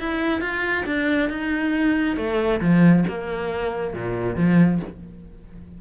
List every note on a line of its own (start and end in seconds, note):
0.00 0.41 E4
0.41 0.85 F4
0.86 1.30 D4
1.30 2.17 D#4
2.17 2.61 A3
2.61 3.05 F3
3.09 3.94 A#3
3.94 4.36 A#2
4.36 4.80 F3